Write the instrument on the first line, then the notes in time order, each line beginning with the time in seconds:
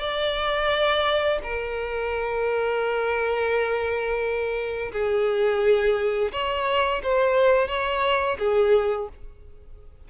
violin
0.00 D5
1.43 A#4
4.92 G#4
6.33 C#5
7.04 C5
7.68 C#5
8.39 G#4